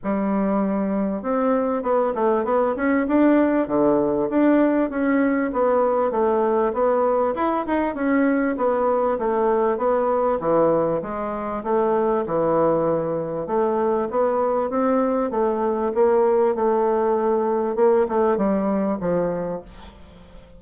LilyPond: \new Staff \with { instrumentName = "bassoon" } { \time 4/4 \tempo 4 = 98 g2 c'4 b8 a8 | b8 cis'8 d'4 d4 d'4 | cis'4 b4 a4 b4 | e'8 dis'8 cis'4 b4 a4 |
b4 e4 gis4 a4 | e2 a4 b4 | c'4 a4 ais4 a4~ | a4 ais8 a8 g4 f4 | }